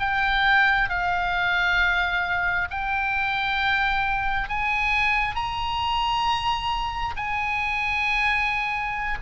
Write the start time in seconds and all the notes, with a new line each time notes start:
0.00 G5
0.90 F5
2.71 G5
4.49 G#5
5.36 A#5
7.17 G#5